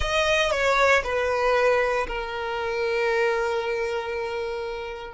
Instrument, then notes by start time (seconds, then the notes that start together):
violin
0.00 D#5
0.51 C#5
1.03 B4
2.07 A#4